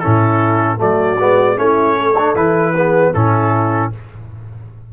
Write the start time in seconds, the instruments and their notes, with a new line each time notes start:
0.00 trombone C#4, horn E4, trumpet A4
0.06 tuba A2
0.78 tuba F#3, trombone A3, horn F#4, trumpet D5
1.20 tuba G#3, trombone B3
1.56 tuba A3, trombone C#4, horn E4, trumpet C#5
1.96 horn A4
2.19 trombone D4
2.35 tuba E3, trombone E4, trumpet B4
2.75 trombone B3, horn G#4
3.14 tuba A2, trombone C#4, horn E4, trumpet A4